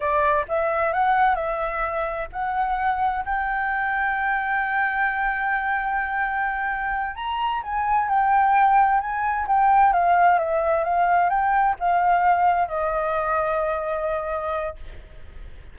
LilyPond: \new Staff \with { instrumentName = "flute" } { \time 4/4 \tempo 4 = 130 d''4 e''4 fis''4 e''4~ | e''4 fis''2 g''4~ | g''1~ | g''2.~ g''8 ais''8~ |
ais''8 gis''4 g''2 gis''8~ | gis''8 g''4 f''4 e''4 f''8~ | f''8 g''4 f''2 dis''8~ | dis''1 | }